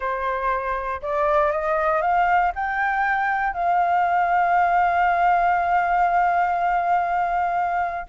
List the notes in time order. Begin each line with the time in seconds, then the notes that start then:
0.00 C5
1.02 D5
1.51 D#5
2.01 F5
2.55 G5
3.53 F5